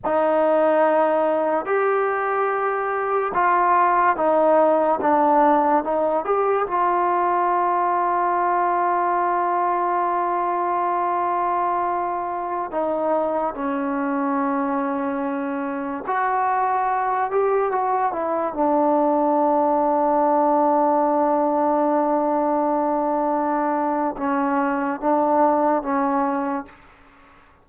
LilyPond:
\new Staff \with { instrumentName = "trombone" } { \time 4/4 \tempo 4 = 72 dis'2 g'2 | f'4 dis'4 d'4 dis'8 g'8 | f'1~ | f'2.~ f'16 dis'8.~ |
dis'16 cis'2. fis'8.~ | fis'8. g'8 fis'8 e'8 d'4.~ d'16~ | d'1~ | d'4 cis'4 d'4 cis'4 | }